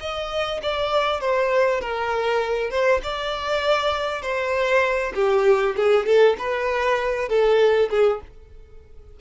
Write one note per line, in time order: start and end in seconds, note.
0.00 0.61 D#5
0.62 1.20 D5
1.20 1.80 C5
1.80 2.70 A#4
2.70 3.01 C5
3.03 4.22 D5
4.22 5.13 C5
5.15 5.75 G4
5.76 6.06 G#4
6.06 6.36 A4
6.38 7.28 B4
7.28 7.89 A4
7.90 8.20 G#4